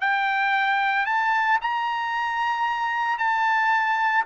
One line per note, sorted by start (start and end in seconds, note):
0.00 1.05 G5
1.05 1.59 A5
1.61 3.18 A#5
3.18 4.24 A5